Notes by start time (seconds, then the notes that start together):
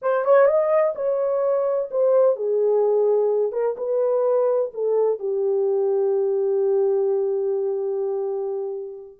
0.02 C5
0.24 C#5
0.46 D#5
0.95 C#5
1.90 C5
2.35 G#4
3.52 A#4
3.77 B4
4.73 A4
5.19 G4